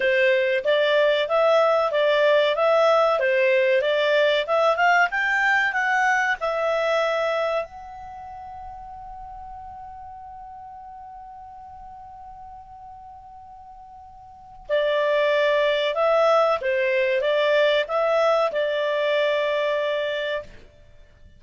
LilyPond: \new Staff \with { instrumentName = "clarinet" } { \time 4/4 \tempo 4 = 94 c''4 d''4 e''4 d''4 | e''4 c''4 d''4 e''8 f''8 | g''4 fis''4 e''2 | fis''1~ |
fis''1~ | fis''2. d''4~ | d''4 e''4 c''4 d''4 | e''4 d''2. | }